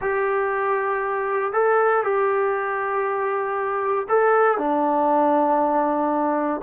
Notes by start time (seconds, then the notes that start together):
0.01 G4
1.53 A4
2.03 G4
4.09 A4
4.58 D4